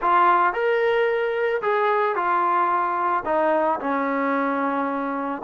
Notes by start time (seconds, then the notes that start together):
0.01 F4
0.53 A#4
1.61 G#4
2.15 F4
3.25 D#4
3.80 C#4